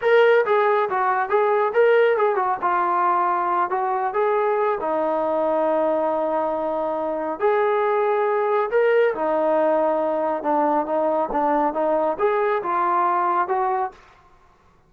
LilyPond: \new Staff \with { instrumentName = "trombone" } { \time 4/4 \tempo 4 = 138 ais'4 gis'4 fis'4 gis'4 | ais'4 gis'8 fis'8 f'2~ | f'8 fis'4 gis'4. dis'4~ | dis'1~ |
dis'4 gis'2. | ais'4 dis'2. | d'4 dis'4 d'4 dis'4 | gis'4 f'2 fis'4 | }